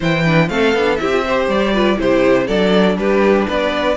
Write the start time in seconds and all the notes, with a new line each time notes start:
0.00 E3 E4 C5 G5
0.23 D4 B4
0.48 A3 C4 A4 F5
0.74 B3 D4
0.95 C4 E4 G4 E5
1.11 F4
1.25 G4 C5
1.48 G3 D5
1.73 F4 B4
1.96 C3 E4 G4 C5
2.46 F#3 D4 A4 D5
2.96 G3 G4 B4
3.47 B3 B4 D5